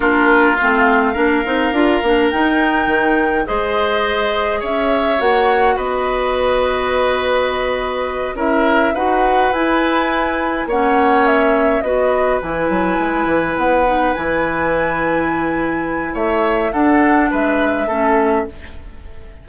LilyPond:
<<
  \new Staff \with { instrumentName = "flute" } { \time 4/4 \tempo 4 = 104 ais'4 f''2. | g''2 dis''2 | e''4 fis''4 dis''2~ | dis''2~ dis''8 e''4 fis''8~ |
fis''8 gis''2 fis''4 e''8~ | e''8 dis''4 gis''2 fis''8~ | fis''8 gis''2.~ gis''8 | e''4 fis''4 e''2 | }
  \new Staff \with { instrumentName = "oboe" } { \time 4/4 f'2 ais'2~ | ais'2 c''2 | cis''2 b'2~ | b'2~ b'8 ais'4 b'8~ |
b'2~ b'8 cis''4.~ | cis''8 b'2.~ b'8~ | b'1 | cis''4 a'4 b'4 a'4 | }
  \new Staff \with { instrumentName = "clarinet" } { \time 4/4 d'4 c'4 d'8 dis'8 f'8 d'8 | dis'2 gis'2~ | gis'4 fis'2.~ | fis'2~ fis'8 e'4 fis'8~ |
fis'8 e'2 cis'4.~ | cis'8 fis'4 e'2~ e'8 | dis'8 e'2.~ e'8~ | e'4 d'2 cis'4 | }
  \new Staff \with { instrumentName = "bassoon" } { \time 4/4 ais4 a4 ais8 c'8 d'8 ais8 | dis'4 dis4 gis2 | cis'4 ais4 b2~ | b2~ b8 cis'4 dis'8~ |
dis'8 e'2 ais4.~ | ais8 b4 e8 fis8 gis8 e8 b8~ | b8 e2.~ e8 | a4 d'4 gis4 a4 | }
>>